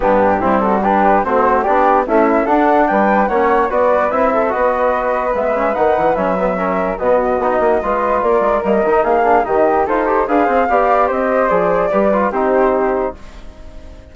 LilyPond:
<<
  \new Staff \with { instrumentName = "flute" } { \time 4/4 \tempo 4 = 146 g'4. a'8 b'4 c''4 | d''4 e''4 fis''4 g''4 | fis''4 d''4 e''4 dis''4~ | dis''4 e''4 fis''4 e''4~ |
e''4 dis''2. | d''4 dis''4 f''4 dis''4 | c''4 f''2 dis''4 | d''2 c''2 | }
  \new Staff \with { instrumentName = "flute" } { \time 4/4 d'4 e'8 fis'8 g'4 fis'4 | g'4 e'4 a'4 b'4 | cis''4 b'4. a'8 b'4~ | b'1 |
ais'4 fis'2 b'4 | ais'2 gis'4 g'4 | a'4 b'8 c''8 d''4 c''4~ | c''4 b'4 g'2 | }
  \new Staff \with { instrumentName = "trombone" } { \time 4/4 b4 c'4 d'4 c'4 | d'4 a4 d'2 | cis'4 fis'4 e'4 fis'4~ | fis'4 b8 cis'8 dis'4 cis'8 b8 |
cis'4 b4 dis'4 f'4~ | f'4 ais8 dis'4 d'8 dis'4 | f'8 g'8 gis'4 g'2 | gis'4 g'8 f'8 dis'2 | }
  \new Staff \with { instrumentName = "bassoon" } { \time 4/4 g,4 g2 a4 | b4 cis'4 d'4 g4 | ais4 b4 c'4 b4~ | b4 gis4 dis8 e8 fis4~ |
fis4 b,4 b8 ais8 gis4 | ais8 gis8 g8 dis8 ais4 dis4 | dis'4 d'8 c'8 b4 c'4 | f4 g4 c'2 | }
>>